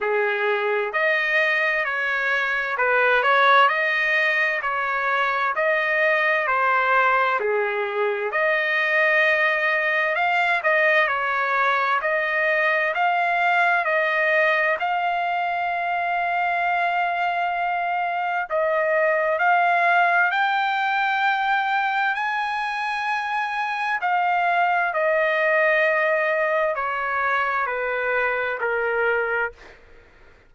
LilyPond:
\new Staff \with { instrumentName = "trumpet" } { \time 4/4 \tempo 4 = 65 gis'4 dis''4 cis''4 b'8 cis''8 | dis''4 cis''4 dis''4 c''4 | gis'4 dis''2 f''8 dis''8 | cis''4 dis''4 f''4 dis''4 |
f''1 | dis''4 f''4 g''2 | gis''2 f''4 dis''4~ | dis''4 cis''4 b'4 ais'4 | }